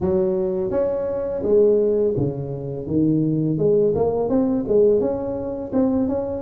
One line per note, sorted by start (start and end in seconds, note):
0.00 0.70 F#3
0.70 1.42 C#4
1.43 2.14 G#3
2.16 2.86 C#3
2.86 3.57 D#3
3.57 3.93 G#3
3.94 4.29 A#3
4.29 4.64 C4
4.68 5.00 G#3
5.00 5.71 C#4
5.72 6.08 C4
6.08 6.42 C#4